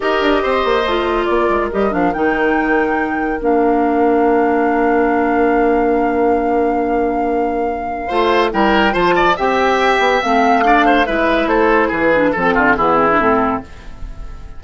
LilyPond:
<<
  \new Staff \with { instrumentName = "flute" } { \time 4/4 \tempo 4 = 141 dis''2. d''4 | dis''8 f''8 g''2. | f''1~ | f''1~ |
f''1 | g''4 a''4 g''2 | f''2 e''4 c''4 | b'4 a'4 gis'4 a'4 | }
  \new Staff \with { instrumentName = "oboe" } { \time 4/4 ais'4 c''2 ais'4~ | ais'1~ | ais'1~ | ais'1~ |
ais'2. c''4 | ais'4 c''8 d''8 e''2~ | e''4 d''8 c''8 b'4 a'4 | gis'4 a'8 f'8 e'2 | }
  \new Staff \with { instrumentName = "clarinet" } { \time 4/4 g'2 f'2 | g'8 d'8 dis'2. | d'1~ | d'1~ |
d'2. f'4 | e'4 f'4 g'2 | c'4 d'4 e'2~ | e'8 d'8 c'4 b8 c'16 d'16 c'4 | }
  \new Staff \with { instrumentName = "bassoon" } { \time 4/4 dis'8 d'8 c'8 ais8 a4 ais8 gis8 | g8 f8 dis2. | ais1~ | ais1~ |
ais2. a4 | g4 f4 c'4. b8 | a2 gis4 a4 | e4 f8 d8 e4 a,4 | }
>>